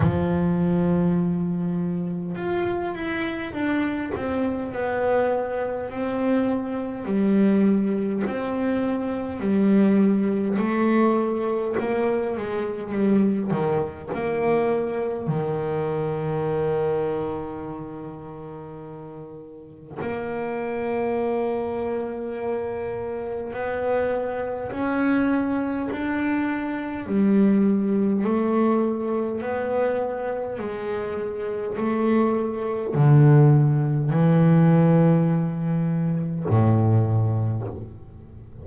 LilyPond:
\new Staff \with { instrumentName = "double bass" } { \time 4/4 \tempo 4 = 51 f2 f'8 e'8 d'8 c'8 | b4 c'4 g4 c'4 | g4 a4 ais8 gis8 g8 dis8 | ais4 dis2.~ |
dis4 ais2. | b4 cis'4 d'4 g4 | a4 b4 gis4 a4 | d4 e2 a,4 | }